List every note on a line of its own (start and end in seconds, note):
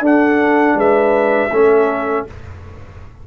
0.00 0.74 D4
0.00 1.50 D4
0.00 0.76 A4
0.00 0.79 F#5
0.75 1.49 G#3
0.75 1.50 B4
0.75 2.27 E5
1.51 2.26 A3
1.51 2.27 C#4
1.51 2.25 A4